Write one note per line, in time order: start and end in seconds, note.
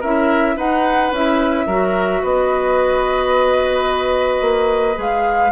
0.00 0.56 C#4
0.00 0.57 E4
0.00 0.55 A#4
0.00 0.58 E5
0.56 1.11 D#4
0.56 1.12 D#4
0.56 1.66 B4
0.56 1.13 F#5
1.11 1.66 C#4
1.11 1.69 E4
1.11 2.24 E5
1.66 2.21 F#3
1.66 4.95 F#4
1.66 2.21 A#4
2.22 4.41 B3
2.22 5.52 B4
2.22 5.00 D#5
4.41 4.96 A#3
4.95 5.52 G#3
4.95 5.50 G#4
4.95 5.52 F5